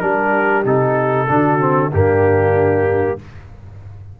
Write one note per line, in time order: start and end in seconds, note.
0.00 0.65 G3
0.00 0.64 D4
0.00 1.28 G4
0.00 0.63 A#4
0.64 1.28 C3
0.64 1.27 D#4
0.64 1.93 A4
1.29 1.93 D3
1.29 1.59 D4
1.29 1.90 F#4
1.59 1.91 C4
1.90 3.19 G2
1.90 3.19 A#3
1.90 3.17 D4
1.90 3.20 G4